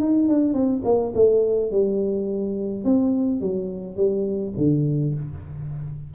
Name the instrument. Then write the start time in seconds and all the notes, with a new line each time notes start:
tuba
0.00 D#4
0.29 D4
0.54 C4
0.84 A#3
1.15 A3
1.71 G3
2.84 C4
3.41 F#3
3.97 G3
4.57 D3